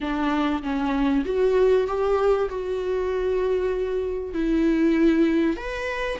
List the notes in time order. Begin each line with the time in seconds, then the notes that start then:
0.00 D4
0.62 C#4
1.25 F#4
1.87 G4
2.49 F#4
4.33 E4
5.56 B4